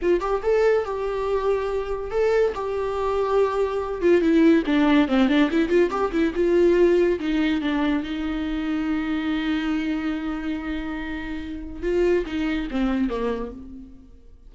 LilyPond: \new Staff \with { instrumentName = "viola" } { \time 4/4 \tempo 4 = 142 f'8 g'8 a'4 g'2~ | g'4 a'4 g'2~ | g'4. f'8 e'4 d'4 | c'8 d'8 e'8 f'8 g'8 e'8 f'4~ |
f'4 dis'4 d'4 dis'4~ | dis'1~ | dis'1 | f'4 dis'4 c'4 ais4 | }